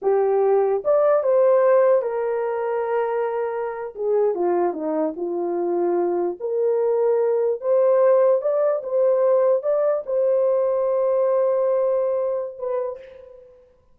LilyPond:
\new Staff \with { instrumentName = "horn" } { \time 4/4 \tempo 4 = 148 g'2 d''4 c''4~ | c''4 ais'2.~ | ais'4.~ ais'16 gis'4 f'4 dis'16~ | dis'8. f'2. ais'16~ |
ais'2~ ais'8. c''4~ c''16~ | c''8. d''4 c''2 d''16~ | d''8. c''2.~ c''16~ | c''2. b'4 | }